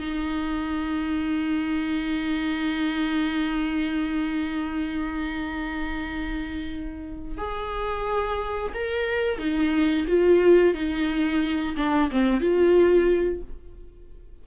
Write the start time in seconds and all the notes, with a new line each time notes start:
0.00 D#4
7.38 G#4
8.75 A#4
9.39 D#4
10.08 F4
10.74 D#4
11.77 D4
12.11 C4
12.41 F4